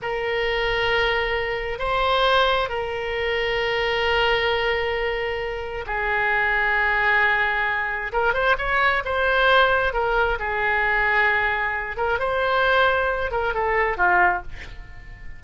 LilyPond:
\new Staff \with { instrumentName = "oboe" } { \time 4/4 \tempo 4 = 133 ais'1 | c''2 ais'2~ | ais'1~ | ais'4 gis'2.~ |
gis'2 ais'8 c''8 cis''4 | c''2 ais'4 gis'4~ | gis'2~ gis'8 ais'8 c''4~ | c''4. ais'8 a'4 f'4 | }